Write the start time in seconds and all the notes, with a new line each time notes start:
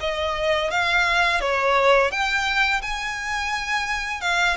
0.00 D#5
0.71 F5
1.41 C#5
2.11 G5
2.82 G#5
4.21 F5